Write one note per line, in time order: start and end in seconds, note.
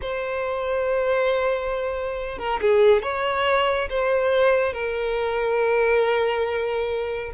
0.01 2.38 C5
2.38 2.60 A#4
2.61 3.02 G#4
3.02 3.88 C#5
3.89 4.73 C5
4.73 7.32 A#4